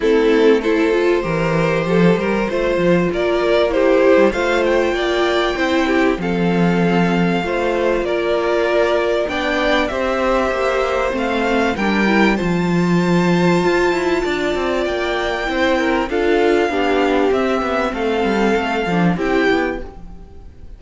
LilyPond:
<<
  \new Staff \with { instrumentName = "violin" } { \time 4/4 \tempo 4 = 97 a'4 c''2.~ | c''4 d''4 c''4 f''8 g''8~ | g''2 f''2~ | f''4 d''2 g''4 |
e''2 f''4 g''4 | a''1 | g''2 f''2 | e''4 f''2 g''4 | }
  \new Staff \with { instrumentName = "violin" } { \time 4/4 e'4 a'4 ais'4 a'8 ais'8 | c''4 ais'4 g'4 c''4 | d''4 c''8 g'8 a'2 | c''4 ais'2 d''4 |
c''2. ais'4 | c''2. d''4~ | d''4 c''8 ais'8 a'4 g'4~ | g'4 a'2 g'4 | }
  \new Staff \with { instrumentName = "viola" } { \time 4/4 c'4 e'8 f'8 g'2 | f'2 e'4 f'4~ | f'4 e'4 c'2 | f'2. d'4 |
g'2 c'4 d'8 e'8 | f'1~ | f'4 e'4 f'4 d'4 | c'2~ c'8 d'8 e'4 | }
  \new Staff \with { instrumentName = "cello" } { \time 4/4 a2 e4 f8 g8 | a8 f8 ais4.~ ais16 g16 a4 | ais4 c'4 f2 | a4 ais2 b4 |
c'4 ais4 a4 g4 | f2 f'8 e'8 d'8 c'8 | ais4 c'4 d'4 b4 | c'8 b8 a8 g8 a8 f8 c'8 b8 | }
>>